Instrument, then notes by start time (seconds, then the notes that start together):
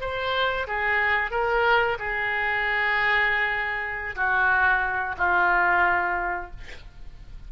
oboe
0.00 C5
0.67 G#4
1.31 A#4
1.98 G#4
4.15 F#4
5.17 F4